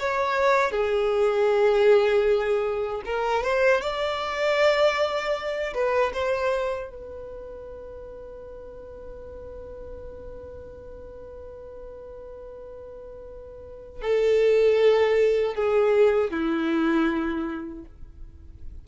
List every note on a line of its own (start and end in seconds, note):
0.00 0.71 C#5
0.71 3.02 G#4
3.06 3.44 A#4
3.44 3.82 C5
3.82 5.74 D5
5.74 6.13 B4
6.13 6.90 C5
6.90 14.02 B4
14.02 15.55 A4
15.55 16.31 G#4
16.31 17.85 E4